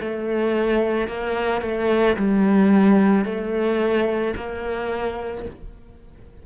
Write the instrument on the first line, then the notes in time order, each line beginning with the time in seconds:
cello
0.00 A3
1.08 A#3
1.61 A3
2.16 G3
3.25 A3
4.36 A#3